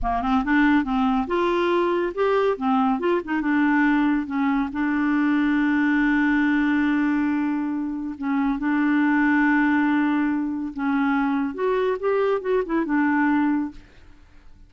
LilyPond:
\new Staff \with { instrumentName = "clarinet" } { \time 4/4 \tempo 4 = 140 ais8 c'8 d'4 c'4 f'4~ | f'4 g'4 c'4 f'8 dis'8 | d'2 cis'4 d'4~ | d'1~ |
d'2. cis'4 | d'1~ | d'4 cis'2 fis'4 | g'4 fis'8 e'8 d'2 | }